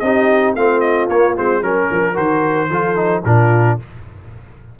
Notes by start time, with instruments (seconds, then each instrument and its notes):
0.00 tuba C4, trombone D#4, horn G4, trumpet D#5
0.55 tuba A3, trombone C4, horn F4, trumpet F5
0.81 trumpet D#5
1.09 tuba A#3, trombone A#3, trumpet C#5
1.37 tuba G#3, trombone C4, trumpet C5
1.62 tuba F#3, trombone C#4, horn A#4, trumpet A#4
1.92 tuba F3
2.15 tuba D#3, trombone F#4, trumpet C5
2.70 tuba F3, trombone F4, horn A4
2.96 trombone D#4
3.25 tuba A#2, trombone D4, horn F4, trumpet A#4